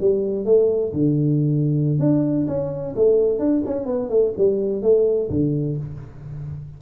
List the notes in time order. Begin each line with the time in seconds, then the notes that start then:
0.00 G3
0.45 A3
0.93 D3
1.99 D4
2.47 C#4
2.95 A3
3.39 D4
3.66 C#4
3.86 B3
4.09 A3
4.37 G3
4.82 A3
5.30 D3